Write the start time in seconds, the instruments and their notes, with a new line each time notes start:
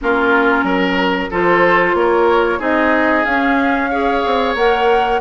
0.01 bassoon A#3, clarinet C#4, oboe F4, flute A#4
0.63 bassoon F#3, oboe A#4
1.30 bassoon F3, clarinet F4, oboe A4, flute C5
1.94 bassoon A#3, oboe A#4, flute C#5
2.59 bassoon C4, clarinet D#4, oboe G#4, flute D#5
3.24 bassoon C#4, clarinet C#4, flute F5
3.89 clarinet G#4, oboe C#5
4.25 bassoon C4
4.54 bassoon A#3, clarinet A#4, flute F#5